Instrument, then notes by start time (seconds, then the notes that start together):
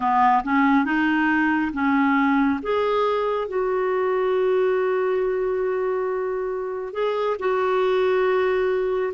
clarinet
0.00 B3
0.43 C#4
0.85 D#4
1.72 C#4
2.62 G#4
3.47 F#4
6.93 G#4
7.39 F#4